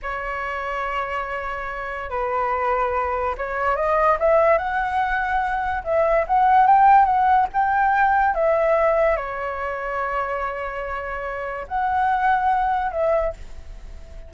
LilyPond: \new Staff \with { instrumentName = "flute" } { \time 4/4 \tempo 4 = 144 cis''1~ | cis''4 b'2. | cis''4 dis''4 e''4 fis''4~ | fis''2 e''4 fis''4 |
g''4 fis''4 g''2 | e''2 cis''2~ | cis''1 | fis''2. e''4 | }